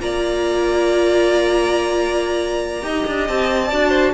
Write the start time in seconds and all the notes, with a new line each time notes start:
0.00 A#3 F4 D5 A#5
2.81 D#4 G4 D#5
3.07 D4
3.28 C4 A5
3.70 D4 F#4 D5
3.89 C5